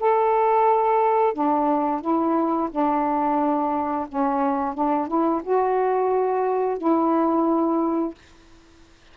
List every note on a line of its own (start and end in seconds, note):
0.00 1.34 A4
1.34 2.01 D4
2.01 2.69 E4
2.71 4.07 D4
4.09 4.74 C#4
4.74 5.08 D4
5.08 5.42 E4
5.43 6.78 F#4
6.78 8.14 E4